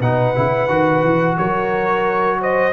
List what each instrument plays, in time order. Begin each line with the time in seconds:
0.00 tuba B2, trombone D#4, horn B4, trumpet F#5
0.35 tuba C#3, trombone E4
0.68 tuba D#3, trombone F#4
1.03 tuba E3
1.37 tuba F#3, horn A#4, trumpet C#5
2.40 horn C5, trumpet D#5